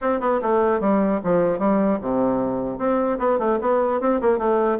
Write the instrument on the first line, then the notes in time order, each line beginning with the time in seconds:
bassoon
0.01 C4
0.20 B3
0.42 A3
0.80 G3
1.23 F3
1.58 G3
2.01 C3
2.78 C4
3.19 B3
3.38 A3
3.61 B3
4.01 C4
4.21 A#3
4.38 A3